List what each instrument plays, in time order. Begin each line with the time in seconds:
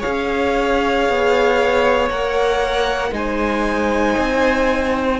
0.00 viola G#4, violin C#5 F5
0.06 cello C#4
1.09 cello B3
2.10 cello A#3, viola A#4, violin F#5
3.12 cello G#3, viola D#4, violin C5 G#5
4.19 cello C4